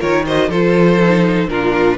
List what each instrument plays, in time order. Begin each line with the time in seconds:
0.00 cello D#3, viola F4, violin A#4 C#5
0.26 viola F#4, violin C5 D#5
0.49 cello F3, viola F4, violin A4 C5
1.04 viola D#4
1.49 cello A#2, viola D4, violin F4 A#4